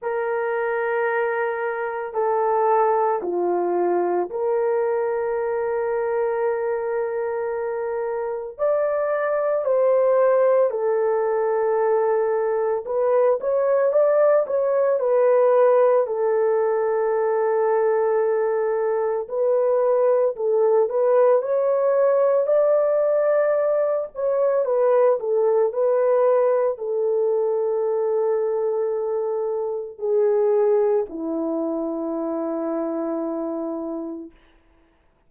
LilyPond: \new Staff \with { instrumentName = "horn" } { \time 4/4 \tempo 4 = 56 ais'2 a'4 f'4 | ais'1 | d''4 c''4 a'2 | b'8 cis''8 d''8 cis''8 b'4 a'4~ |
a'2 b'4 a'8 b'8 | cis''4 d''4. cis''8 b'8 a'8 | b'4 a'2. | gis'4 e'2. | }